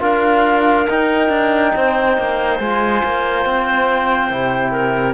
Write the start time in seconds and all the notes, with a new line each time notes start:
0.00 D4 F4 A#4 F5
0.90 D#4 G5
1.29 D4
1.75 C4 C5
2.18 A#3
2.60 G#3 F4 G#5
3.04 A#3
3.45 C4 G5
4.31 C3 E4
4.72 A#4